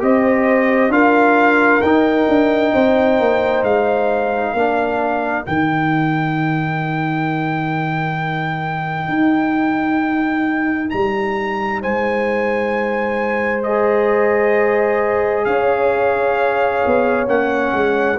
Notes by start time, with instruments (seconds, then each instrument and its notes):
0.00 tuba C4, trombone G4, horn C5, trumpet D#5
0.89 tuba D4, trombone F4, horn A#4, trumpet F5
1.82 tuba D#4, trombone D#4, trumpet G5
2.29 tuba D4
2.73 tuba C4, horn C5
3.20 tuba A#3
3.64 tuba G#3, trumpet F5
4.54 tuba A#3, trombone D4, horn A#4
5.46 tuba D#3, trombone D#4, trumpet G5
9.09 tuba D#4
10.90 tuba G3, trumpet A#5
11.82 tuba G#3, horn C5, trumpet G#5
13.64 trombone G#4, trumpet D#5
15.45 tuba C#4, horn C#5, trumpet F5
16.86 tuba B3
17.27 tuba A#3, trombone C#4, trumpet F#5
17.73 tuba G#3